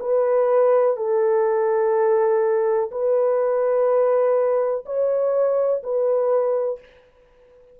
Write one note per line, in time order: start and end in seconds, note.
0.00 0.97 B4
0.97 2.90 A4
2.91 4.84 B4
4.85 5.82 C#5
5.83 6.80 B4